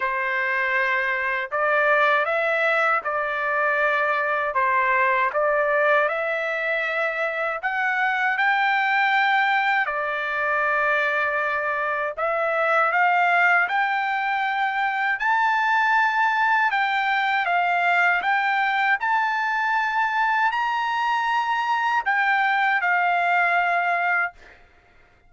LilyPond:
\new Staff \with { instrumentName = "trumpet" } { \time 4/4 \tempo 4 = 79 c''2 d''4 e''4 | d''2 c''4 d''4 | e''2 fis''4 g''4~ | g''4 d''2. |
e''4 f''4 g''2 | a''2 g''4 f''4 | g''4 a''2 ais''4~ | ais''4 g''4 f''2 | }